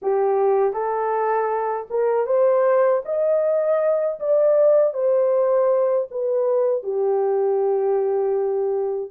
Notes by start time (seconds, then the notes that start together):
0.02 G4
0.73 A4
1.90 A#4
2.26 C5
3.05 D#5
4.19 D5
4.93 C5
6.10 B4
6.83 G4